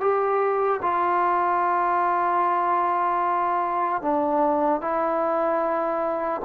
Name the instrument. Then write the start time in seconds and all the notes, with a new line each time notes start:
trombone
0.00 G4
0.82 F4
4.02 D4
4.81 E4